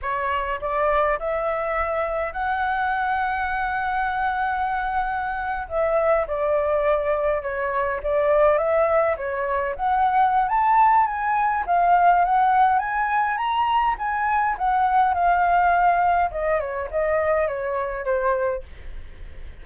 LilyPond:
\new Staff \with { instrumentName = "flute" } { \time 4/4 \tempo 4 = 103 cis''4 d''4 e''2 | fis''1~ | fis''4.~ fis''16 e''4 d''4~ d''16~ | d''8. cis''4 d''4 e''4 cis''16~ |
cis''8. fis''4~ fis''16 a''4 gis''4 | f''4 fis''4 gis''4 ais''4 | gis''4 fis''4 f''2 | dis''8 cis''8 dis''4 cis''4 c''4 | }